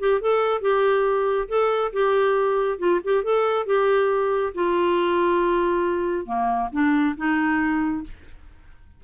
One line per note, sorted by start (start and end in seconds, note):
0.00 0.21 G4
0.21 0.61 A4
0.61 1.48 G4
1.49 1.92 A4
1.93 2.79 G4
2.79 3.01 F4
3.05 3.24 G4
3.24 3.67 A4
3.67 4.54 G4
4.55 6.26 F4
6.26 6.70 A#3
6.73 7.16 D4
7.17 8.04 D#4